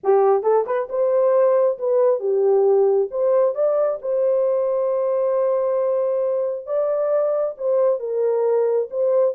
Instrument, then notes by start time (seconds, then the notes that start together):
horn
0.03 G4
0.42 A4
0.66 B4
0.89 C5
1.78 B4
2.19 G4
3.11 C5
3.54 D5
4.01 C5
6.66 D5
7.57 C5
7.99 A#4
8.90 C5